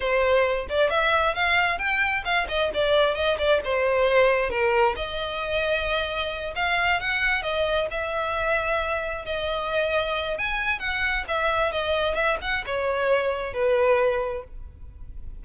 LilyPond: \new Staff \with { instrumentName = "violin" } { \time 4/4 \tempo 4 = 133 c''4. d''8 e''4 f''4 | g''4 f''8 dis''8 d''4 dis''8 d''8 | c''2 ais'4 dis''4~ | dis''2~ dis''8 f''4 fis''8~ |
fis''8 dis''4 e''2~ e''8~ | e''8 dis''2~ dis''8 gis''4 | fis''4 e''4 dis''4 e''8 fis''8 | cis''2 b'2 | }